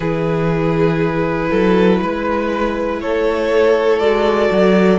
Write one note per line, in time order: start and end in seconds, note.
0.00 1.49 E3
0.00 4.00 E4
0.00 1.50 G#4
0.00 2.98 B4
1.50 2.02 F#3
1.50 2.00 A4
2.02 3.01 G#3
2.02 3.01 B4
3.00 3.99 A3
3.00 4.99 A4
3.00 3.99 C#5
3.99 4.49 G#3
3.99 4.99 F#4
3.99 4.99 D5
4.51 4.99 F#3